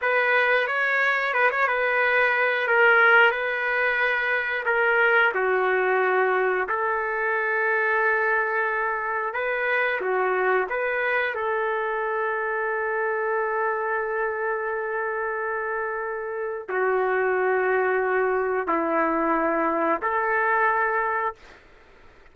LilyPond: \new Staff \with { instrumentName = "trumpet" } { \time 4/4 \tempo 4 = 90 b'4 cis''4 b'16 cis''16 b'4. | ais'4 b'2 ais'4 | fis'2 a'2~ | a'2 b'4 fis'4 |
b'4 a'2.~ | a'1~ | a'4 fis'2. | e'2 a'2 | }